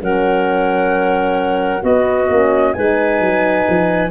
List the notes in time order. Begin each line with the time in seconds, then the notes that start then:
0.00 F#3 C#4 A#4 F#5
1.82 B3 F#4 D#5
2.28 A#3 C#4
2.73 G#3 D#4 B4 G#5
3.20 F#3
3.68 F3